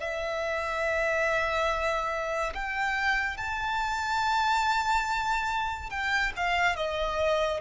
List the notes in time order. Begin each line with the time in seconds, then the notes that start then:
0.00 E5
2.55 G5
3.38 A5
5.90 G5
6.36 F5
6.76 D#5